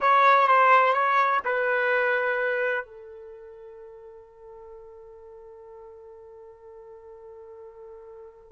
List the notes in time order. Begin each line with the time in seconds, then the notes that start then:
0.00 C#5
0.47 C5
0.93 C#5
1.44 B4
2.85 A4